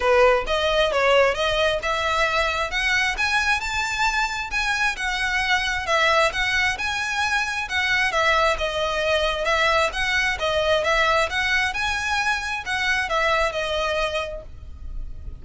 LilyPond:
\new Staff \with { instrumentName = "violin" } { \time 4/4 \tempo 4 = 133 b'4 dis''4 cis''4 dis''4 | e''2 fis''4 gis''4 | a''2 gis''4 fis''4~ | fis''4 e''4 fis''4 gis''4~ |
gis''4 fis''4 e''4 dis''4~ | dis''4 e''4 fis''4 dis''4 | e''4 fis''4 gis''2 | fis''4 e''4 dis''2 | }